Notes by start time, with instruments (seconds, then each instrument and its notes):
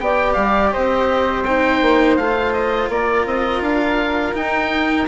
0.00 bassoon B3, cello G4, flute D5, oboe G5
0.33 bassoon G3, oboe F5
0.73 bassoon C4, flute C5, oboe D#5
1.44 cello D#4, oboe G5
1.82 bassoon A#3
2.17 bassoon A3, cello F4, oboe F5
2.53 oboe D#5
2.89 bassoon A#3, flute A#4, oboe D5
3.26 bassoon C4, oboe D#5
3.61 bassoon D4, oboe F5
4.34 cello D#4, bassoon D#4, oboe G5